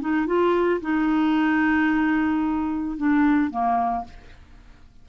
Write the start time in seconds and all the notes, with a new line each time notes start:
0.00 D#4
0.26 F4
0.81 D#4
2.97 D4
3.50 A#3